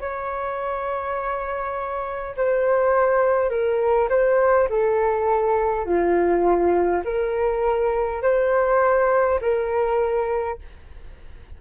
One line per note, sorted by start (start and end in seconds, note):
0.00 2.35 C#5
2.37 3.50 C5
3.50 4.09 A#4
4.10 4.68 C5
4.70 5.86 A4
5.86 7.03 F4
7.05 8.22 A#4
8.22 9.40 C5
9.41 10.59 A#4